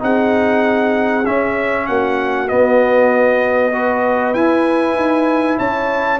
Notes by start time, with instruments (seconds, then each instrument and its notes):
0.00 tuba C4, trombone D#4, horn G#4, trumpet F#5
1.26 trombone C#4, tuba C#4, trumpet E5
1.87 tuba A#3, horn F#4, trumpet F#5
2.49 trombone B3, tuba B3, trumpet D#5
3.73 trombone F#4, horn B4
4.34 tuba E4, trombone E4, trumpet G#5
4.96 tuba D#4
5.59 tuba C#4, horn C#5, trumpet A5